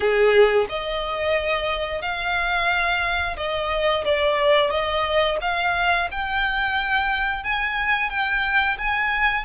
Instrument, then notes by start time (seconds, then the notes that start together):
violin
0.00 G#4
0.69 D#5
2.01 F5
3.36 D#5
4.04 D5
4.70 D#5
5.41 F5
6.11 G5
7.43 G#5
8.10 G5
8.78 G#5